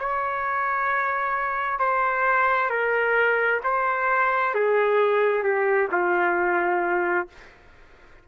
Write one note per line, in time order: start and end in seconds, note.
0.00 1.79 C#5
1.79 2.70 C5
2.70 3.61 A#4
3.64 4.55 C5
4.55 5.43 G#4
5.43 5.89 G4
5.92 7.28 F4